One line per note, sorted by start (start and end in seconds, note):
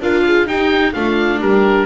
0.00 0.46 D4
0.00 0.46 F4
0.00 0.25 A#4
0.00 0.47 F5
0.25 0.47 G#4
0.46 0.93 D#4
0.46 0.94 G4
0.46 0.93 G5
0.93 1.41 A3
0.93 1.86 D4
0.93 1.40 F4
0.93 1.40 F5
1.40 1.86 G3
1.40 1.86 G4
1.40 1.86 A#4